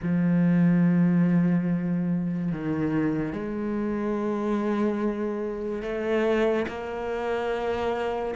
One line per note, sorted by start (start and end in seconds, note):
0.02 2.51 F3
2.51 3.33 D#3
3.33 5.82 G#3
5.82 6.66 A3
6.68 8.34 A#3